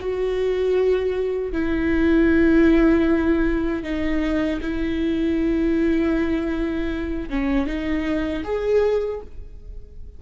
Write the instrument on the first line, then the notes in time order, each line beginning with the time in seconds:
viola
0.00 F#4
1.52 E4
3.83 D#4
4.61 E4
7.29 C#4
7.66 D#4
8.44 G#4